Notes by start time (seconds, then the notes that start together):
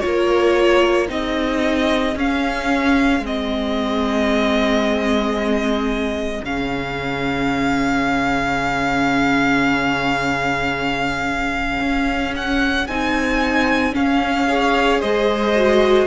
0.00 A#3 F4 A#4 C#5
1.08 C4 D#4 G#4 D#5
2.15 C#4 F5
3.20 G#3 C4
3.26 D#5
6.44 C#3 C#4 F5
11.80 C#4
12.36 F#5
12.87 C4 D#4 G#5
13.92 C#4 F5
14.48 G#4 C#5
15.01 G#3 C5 D#5
15.56 F#4